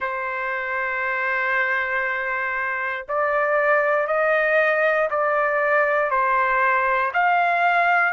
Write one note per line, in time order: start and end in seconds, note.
0.00 3.06 C5
3.08 4.07 D5
4.07 5.08 D#5
5.10 6.10 D5
6.10 7.12 C5
7.13 8.13 F5